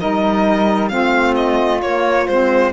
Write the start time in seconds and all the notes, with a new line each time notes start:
0.00 G3 D#4 A#4 D#5
0.89 A3 C4 F4 F5
1.36 D#5
1.82 A#3 C#5
2.27 G#3 C4 C5